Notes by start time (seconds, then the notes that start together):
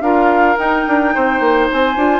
0.00 D4 F4 A#4 F5
0.56 D#4 G5
0.87 D4
1.14 C4 C5
1.40 A#3
1.71 C4 G#5
1.96 D4 F4